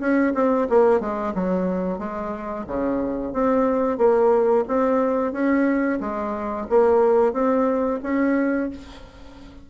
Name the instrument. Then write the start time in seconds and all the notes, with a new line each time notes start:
bassoon
0.00 C#4
0.34 C4
0.69 A#3
1.00 G#3
1.35 F#3
1.98 G#3
2.67 C#3
3.33 C4
3.98 A#3
4.68 C4
5.32 C#4
6.00 G#3
6.69 A#3
7.33 C4
8.03 C#4